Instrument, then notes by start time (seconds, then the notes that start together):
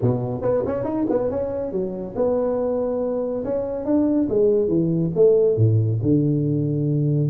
tuba
0.01 B2
0.41 B3
0.66 C#4
0.84 D#4
1.09 B3
1.30 C#4
1.71 F#3
2.15 B3
3.44 C#4
3.85 D4
4.29 G#3
4.67 E3
5.15 A3
5.56 A2
6.02 D3